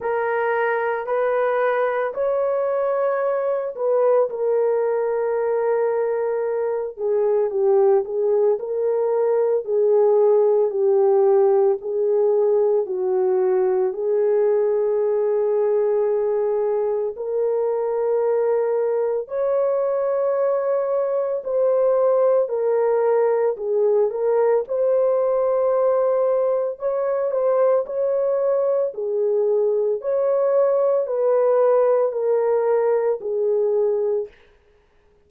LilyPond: \new Staff \with { instrumentName = "horn" } { \time 4/4 \tempo 4 = 56 ais'4 b'4 cis''4. b'8 | ais'2~ ais'8 gis'8 g'8 gis'8 | ais'4 gis'4 g'4 gis'4 | fis'4 gis'2. |
ais'2 cis''2 | c''4 ais'4 gis'8 ais'8 c''4~ | c''4 cis''8 c''8 cis''4 gis'4 | cis''4 b'4 ais'4 gis'4 | }